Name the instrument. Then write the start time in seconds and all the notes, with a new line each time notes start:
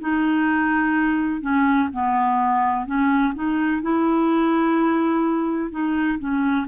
clarinet
0.00 D#4
1.42 C#4
1.93 B3
2.86 C#4
3.35 D#4
3.82 E4
5.71 D#4
6.19 C#4